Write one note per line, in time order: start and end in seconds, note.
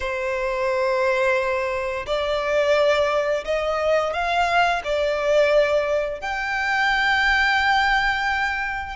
0.00 2.06 C5
2.06 3.44 D5
3.45 4.13 D#5
4.13 4.82 F5
4.84 6.20 D5
6.20 8.96 G5